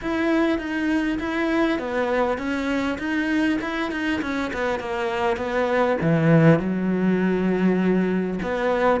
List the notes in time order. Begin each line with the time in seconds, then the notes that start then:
0.01 E4
0.58 D#4
1.19 E4
1.78 B3
2.38 C#4
2.98 D#4
3.61 E4
3.91 D#4
4.21 C#4
4.53 B3
4.79 A#3
5.36 B3
6.01 E3
6.59 F#3
8.42 B3